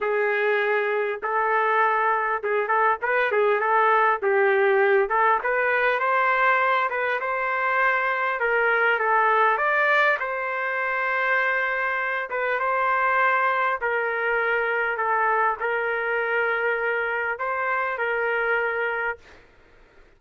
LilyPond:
\new Staff \with { instrumentName = "trumpet" } { \time 4/4 \tempo 4 = 100 gis'2 a'2 | gis'8 a'8 b'8 gis'8 a'4 g'4~ | g'8 a'8 b'4 c''4. b'8 | c''2 ais'4 a'4 |
d''4 c''2.~ | c''8 b'8 c''2 ais'4~ | ais'4 a'4 ais'2~ | ais'4 c''4 ais'2 | }